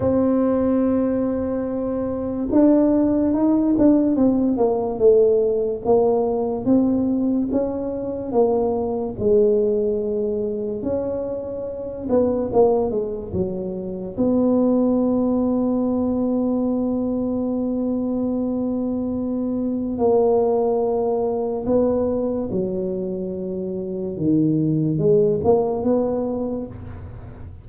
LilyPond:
\new Staff \with { instrumentName = "tuba" } { \time 4/4 \tempo 4 = 72 c'2. d'4 | dis'8 d'8 c'8 ais8 a4 ais4 | c'4 cis'4 ais4 gis4~ | gis4 cis'4. b8 ais8 gis8 |
fis4 b2.~ | b1 | ais2 b4 fis4~ | fis4 dis4 gis8 ais8 b4 | }